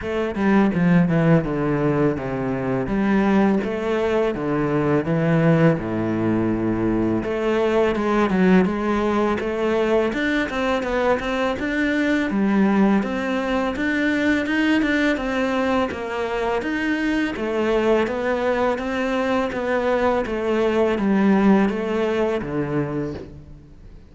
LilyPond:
\new Staff \with { instrumentName = "cello" } { \time 4/4 \tempo 4 = 83 a8 g8 f8 e8 d4 c4 | g4 a4 d4 e4 | a,2 a4 gis8 fis8 | gis4 a4 d'8 c'8 b8 c'8 |
d'4 g4 c'4 d'4 | dis'8 d'8 c'4 ais4 dis'4 | a4 b4 c'4 b4 | a4 g4 a4 d4 | }